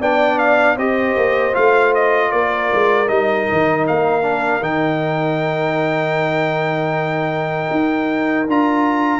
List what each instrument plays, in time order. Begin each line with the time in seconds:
0.00 tuba B3, trombone D4, horn D5, trumpet G5
0.38 trumpet F5
0.75 tuba C4, trombone G4, horn C5, trumpet D#5
1.16 tuba A#3
1.53 tuba A3, trombone F4, trumpet F5
1.94 trumpet D#5
2.31 tuba A#3, horn A#4, trumpet D5
2.73 tuba G#3
3.08 tuba G3, trombone D#4, trumpet D#5
3.51 tuba D#3
3.87 tuba A#3, trumpet F5
4.22 trombone D4
4.60 tuba D#3, trombone D#4, trumpet G5
7.70 tuba D#4
8.47 tuba D4, trombone F4, trumpet A#5